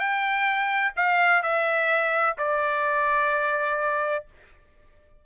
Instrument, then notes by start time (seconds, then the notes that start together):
trumpet
0.00 G5
0.97 F5
1.43 E5
2.38 D5